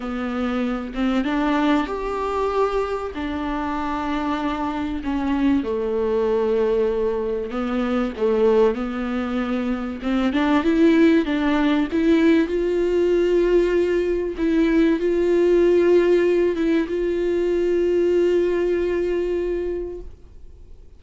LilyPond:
\new Staff \with { instrumentName = "viola" } { \time 4/4 \tempo 4 = 96 b4. c'8 d'4 g'4~ | g'4 d'2. | cis'4 a2. | b4 a4 b2 |
c'8 d'8 e'4 d'4 e'4 | f'2. e'4 | f'2~ f'8 e'8 f'4~ | f'1 | }